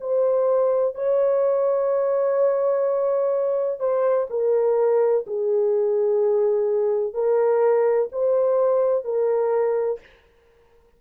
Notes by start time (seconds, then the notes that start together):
0.00 C5
0.94 C#5
3.79 C5
4.29 A#4
5.26 G#4
7.13 A#4
8.12 C5
9.04 A#4